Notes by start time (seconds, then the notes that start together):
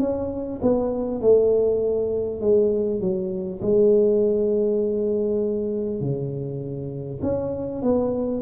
0.00 C#4
0.62 B3
1.21 A3
2.41 G#3
3.01 F#3
3.62 G#3
6.01 C#3
7.22 C#4
7.82 B3